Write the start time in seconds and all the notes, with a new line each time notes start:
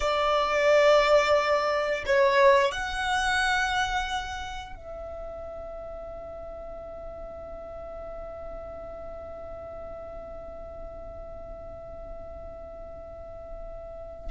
0.00 D5
2.06 C#5
2.71 F#5
4.75 E5